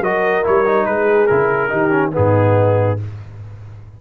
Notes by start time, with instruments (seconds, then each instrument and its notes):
0.00 tuba F#3, trombone F#4, horn A#4, trumpet D#5
0.44 tuba G3, trombone E4, trumpet C#5
0.66 trombone D#4
0.86 tuba G#3, horn G#4, trumpet B4
1.27 tuba C#3, trombone E4, trumpet A#4
1.70 tuba D#3, trombone D#4, horn G4
1.91 trombone C#4
2.12 tuba G#2, trombone B3, horn D#4, trumpet G#4